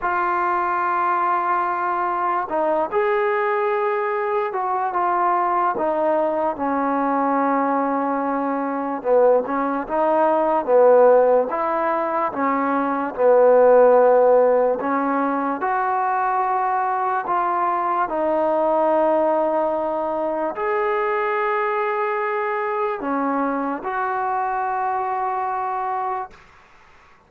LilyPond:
\new Staff \with { instrumentName = "trombone" } { \time 4/4 \tempo 4 = 73 f'2. dis'8 gis'8~ | gis'4. fis'8 f'4 dis'4 | cis'2. b8 cis'8 | dis'4 b4 e'4 cis'4 |
b2 cis'4 fis'4~ | fis'4 f'4 dis'2~ | dis'4 gis'2. | cis'4 fis'2. | }